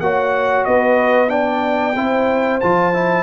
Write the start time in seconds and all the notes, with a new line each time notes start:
0.00 A#3 F#4 C#5 F#5
0.65 B3 B4 D#5
1.29 D4 D5 G5
1.96 C4 E4 C5
2.60 F3 F4 A5
2.94 E4